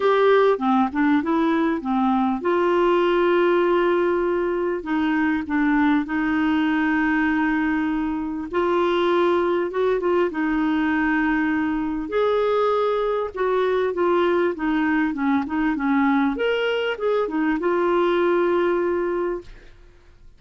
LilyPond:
\new Staff \with { instrumentName = "clarinet" } { \time 4/4 \tempo 4 = 99 g'4 c'8 d'8 e'4 c'4 | f'1 | dis'4 d'4 dis'2~ | dis'2 f'2 |
fis'8 f'8 dis'2. | gis'2 fis'4 f'4 | dis'4 cis'8 dis'8 cis'4 ais'4 | gis'8 dis'8 f'2. | }